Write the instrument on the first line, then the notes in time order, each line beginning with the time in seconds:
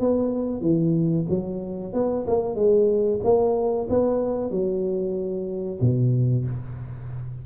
tuba
0.00 B3
0.61 E3
1.29 F#3
1.93 B3
2.27 A#3
2.55 G#3
3.24 A#3
3.89 B3
4.51 F#3
5.81 B2